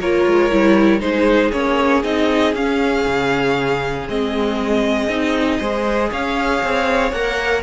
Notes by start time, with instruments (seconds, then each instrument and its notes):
0.00 cello A#3, viola F4, violin A#4 C#5
0.26 cello G#3
0.52 cello G3, viola E4
1.00 cello G#3, viola D#4, violin G#4 C5
1.53 cello A#3, viola C#4, violin C#5
2.04 cello C4, viola D#4, violin D#5
2.55 cello C#4, viola C#4, violin F5
3.07 cello C#3
4.08 cello G#3, viola C4, violin D#5
5.08 cello C4, viola D#4
5.59 cello G#3, viola G#4, violin C5
6.11 cello C#4, violin C#5 F5
6.64 cello C4
7.12 cello A#3, viola A#4, violin F#5